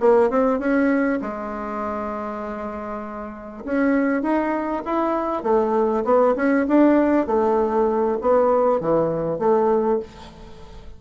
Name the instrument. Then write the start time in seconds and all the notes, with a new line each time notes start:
bassoon
0.00 A#3
0.30 C4
0.59 C#4
1.22 G#3
3.65 C#4
4.23 D#4
4.85 E4
5.44 A3
6.05 B3
6.36 C#4
6.68 D4
7.27 A3
8.21 B3
8.80 E3
9.39 A3